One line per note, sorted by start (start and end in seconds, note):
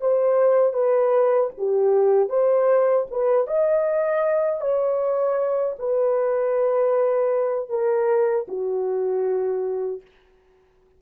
0.00 0.73 C5
0.73 1.50 B4
1.57 2.29 G4
2.29 3.06 C5
3.11 3.47 B4
3.47 4.60 D#5
4.60 5.76 C#5
5.79 7.69 B4
7.69 8.46 A#4
8.48 10.01 F#4